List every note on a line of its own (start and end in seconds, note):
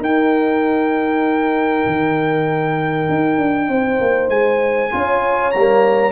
0.00 4.90 D#4
0.00 1.84 D#4
0.00 3.67 A#4
0.00 4.30 G5
1.87 3.09 D#3
3.09 3.38 D#4
3.38 3.69 D4
3.69 3.99 C4
3.69 4.93 C5
4.01 4.29 A#3
4.29 4.90 G#3
4.29 5.52 G#5
4.91 5.55 C#4
4.91 5.53 F4
4.91 6.12 C#5
5.52 6.12 G3
5.52 6.12 A#5
5.58 6.12 A#3